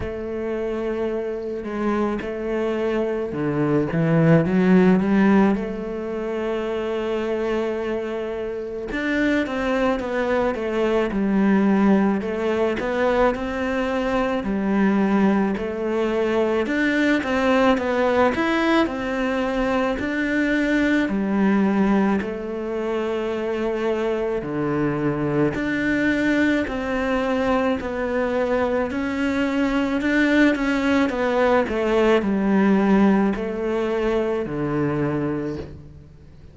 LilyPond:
\new Staff \with { instrumentName = "cello" } { \time 4/4 \tempo 4 = 54 a4. gis8 a4 d8 e8 | fis8 g8 a2. | d'8 c'8 b8 a8 g4 a8 b8 | c'4 g4 a4 d'8 c'8 |
b8 e'8 c'4 d'4 g4 | a2 d4 d'4 | c'4 b4 cis'4 d'8 cis'8 | b8 a8 g4 a4 d4 | }